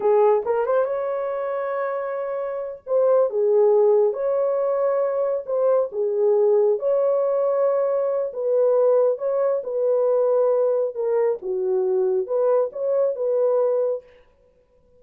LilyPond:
\new Staff \with { instrumentName = "horn" } { \time 4/4 \tempo 4 = 137 gis'4 ais'8 c''8 cis''2~ | cis''2~ cis''8 c''4 gis'8~ | gis'4. cis''2~ cis''8~ | cis''8 c''4 gis'2 cis''8~ |
cis''2. b'4~ | b'4 cis''4 b'2~ | b'4 ais'4 fis'2 | b'4 cis''4 b'2 | }